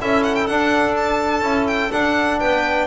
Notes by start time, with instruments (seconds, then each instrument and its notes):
0.00 double bass C#4, trombone E4, clarinet A4, violin E5
0.23 violin F#5
0.35 violin G5
0.46 double bass D4, trombone D4, violin F#5
0.96 violin A5
1.41 double bass C#4, trombone E4
1.67 violin G5
1.91 double bass D4, trombone D4, violin F#5
2.39 double bass B3, clarinet B4, violin G5